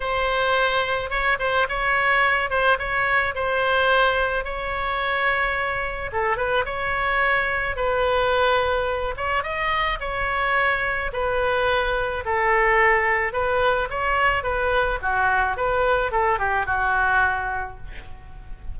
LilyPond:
\new Staff \with { instrumentName = "oboe" } { \time 4/4 \tempo 4 = 108 c''2 cis''8 c''8 cis''4~ | cis''8 c''8 cis''4 c''2 | cis''2. a'8 b'8 | cis''2 b'2~ |
b'8 cis''8 dis''4 cis''2 | b'2 a'2 | b'4 cis''4 b'4 fis'4 | b'4 a'8 g'8 fis'2 | }